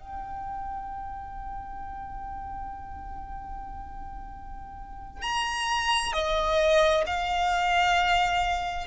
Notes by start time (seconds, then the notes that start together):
0.00 G5
5.22 A#5
6.13 D#5
7.07 F5